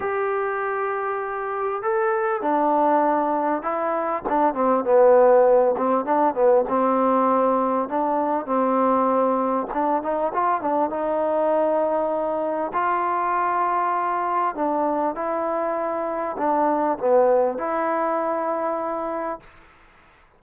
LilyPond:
\new Staff \with { instrumentName = "trombone" } { \time 4/4 \tempo 4 = 99 g'2. a'4 | d'2 e'4 d'8 c'8 | b4. c'8 d'8 b8 c'4~ | c'4 d'4 c'2 |
d'8 dis'8 f'8 d'8 dis'2~ | dis'4 f'2. | d'4 e'2 d'4 | b4 e'2. | }